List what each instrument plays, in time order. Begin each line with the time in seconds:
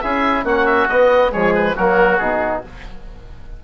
0.00 bassoon C#4, trombone E4, oboe G#4 E5
0.43 bassoon A#3, trombone C#4, oboe F#4 F#5
0.66 oboe E5
0.88 bassoon B3, trombone B3, oboe D#5
1.31 bassoon F3, trombone G#3, oboe G#4 C#5
1.55 oboe B4
1.75 bassoon F#3, trombone A#3, oboe F#4 A#4
2.17 bassoon B2, trombone D#4, oboe G#4